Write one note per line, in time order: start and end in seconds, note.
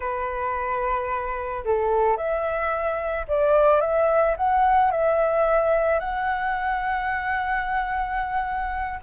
0.00 1.64 B4
1.64 2.16 A4
2.16 3.26 E5
3.28 3.81 D5
3.81 4.35 E5
4.36 4.91 F#5
4.91 5.99 E5
5.99 8.99 F#5